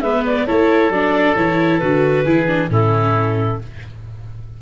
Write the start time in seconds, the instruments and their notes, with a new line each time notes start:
0.00 tuba G#3, viola B3, oboe B4, clarinet E5
0.26 clarinet D5
0.46 tuba A3, viola E4, oboe A4, clarinet C#5
0.89 tuba F#3, viola D4, clarinet D5
1.36 tuba E3, viola E4, clarinet C#5
1.78 tuba D3, viola F#4, clarinet B4
2.24 tuba E3, viola E4, oboe G#4
2.46 viola D4
2.69 tuba A2, viola C#4, oboe E4, clarinet A4